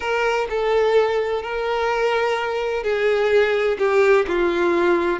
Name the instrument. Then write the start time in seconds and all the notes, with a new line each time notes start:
violin
0.00 A#4
0.49 A4
1.42 A#4
2.83 G#4
3.78 G4
4.27 F4